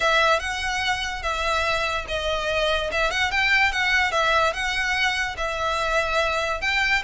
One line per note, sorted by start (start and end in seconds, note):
0.00 0.39 E5
0.39 1.22 F#5
1.22 2.05 E5
2.08 2.91 D#5
2.91 3.11 E5
3.11 3.31 F#5
3.31 3.72 G5
3.72 4.11 F#5
4.11 4.53 E5
4.53 5.35 F#5
5.37 6.61 E5
6.61 7.02 G5